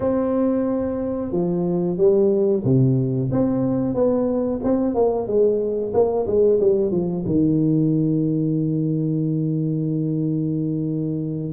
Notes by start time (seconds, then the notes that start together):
0.00 C4
1.31 F3
1.97 G3
2.64 C3
3.31 C4
3.94 B3
4.63 C4
4.94 A#3
5.27 G#3
5.93 A#3
6.26 G#3
6.59 G3
6.91 F3
7.26 D#3